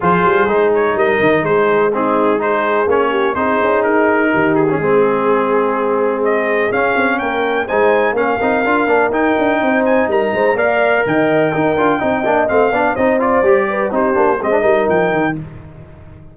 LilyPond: <<
  \new Staff \with { instrumentName = "trumpet" } { \time 4/4 \tempo 4 = 125 c''4. cis''8 dis''4 c''4 | gis'4 c''4 cis''4 c''4 | ais'4. gis'2~ gis'8~ | gis'4 dis''4 f''4 g''4 |
gis''4 f''2 g''4~ | g''8 gis''8 ais''4 f''4 g''4~ | g''2 f''4 dis''8 d''8~ | d''4 c''4 dis''4 g''4 | }
  \new Staff \with { instrumentName = "horn" } { \time 4/4 gis'2 ais'4 gis'4 | dis'4 gis'4. g'8 gis'4~ | gis'4 g'4 gis'2~ | gis'2. ais'4 |
c''4 ais'2. | c''4 ais'8 c''8 d''4 dis''4 | ais'4 dis''4. d''8 c''4~ | c''8 b'8 g'4 c''8 ais'4. | }
  \new Staff \with { instrumentName = "trombone" } { \time 4/4 f'4 dis'2. | c'4 dis'4 cis'4 dis'4~ | dis'4.~ dis'16 cis'16 c'2~ | c'2 cis'2 |
dis'4 cis'8 dis'8 f'8 d'8 dis'4~ | dis'2 ais'2 | dis'8 f'8 dis'8 d'8 c'8 d'8 dis'8 f'8 | g'4 dis'8 d'8 c'16 d'16 dis'4. | }
  \new Staff \with { instrumentName = "tuba" } { \time 4/4 f8 g8 gis4 g8 dis8 gis4~ | gis2 ais4 c'8 cis'8 | dis'4 dis4 gis2~ | gis2 cis'8 c'8 ais4 |
gis4 ais8 c'8 d'8 ais8 dis'8 d'8 | c'4 g8 gis8 ais4 dis4 | dis'8 d'8 c'8 ais8 a8 b8 c'4 | g4 c'8 ais8 gis8 g8 f8 dis8 | }
>>